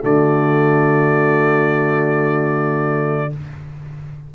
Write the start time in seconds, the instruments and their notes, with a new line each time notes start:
0.00 tuba D3, trombone A3, horn F#4, trumpet D5